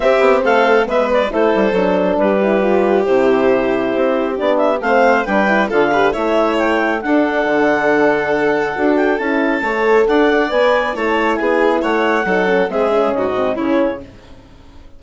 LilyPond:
<<
  \new Staff \with { instrumentName = "clarinet" } { \time 4/4 \tempo 4 = 137 e''4 f''4 e''8 d''8 c''4~ | c''4 b'2 c''4~ | c''2 d''8 e''8 f''4 | g''4 f''4 e''4 g''4 |
fis''1~ | fis''8 g''8 a''2 fis''4 | gis''4 a''4 gis''4 fis''4~ | fis''4 e''4 dis''4 cis''4 | }
  \new Staff \with { instrumentName = "violin" } { \time 4/4 g'4 a'4 b'4 a'4~ | a'4 g'2.~ | g'2. c''4 | b'4 a'8 b'8 cis''2 |
a'1~ | a'2 cis''4 d''4~ | d''4 cis''4 gis'4 cis''4 | a'4 gis'4 fis'4 e'4 | }
  \new Staff \with { instrumentName = "horn" } { \time 4/4 c'2 b4 e'4 | d'4. e'8 f'4 e'4~ | e'2 d'4 c'4 | d'8 e'8 f'8 g'8 e'2 |
d'1 | fis'4 e'4 a'2 | b'4 e'2. | dis'8 cis'8 c'8 cis'4 c'8 cis'4 | }
  \new Staff \with { instrumentName = "bassoon" } { \time 4/4 c'8 b8 a4 gis4 a8 g8 | fis4 g2 c4~ | c4 c'4 b4 a4 | g4 d4 a2 |
d'4 d2. | d'4 cis'4 a4 d'4 | b4 a4 b4 a4 | fis4 gis4 gis,4 cis4 | }
>>